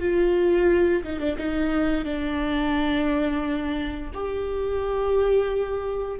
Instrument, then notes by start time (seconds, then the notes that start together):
viola
0.00 F4
1.04 D#4
1.20 D4
1.38 D#4
2.04 D4
4.14 G4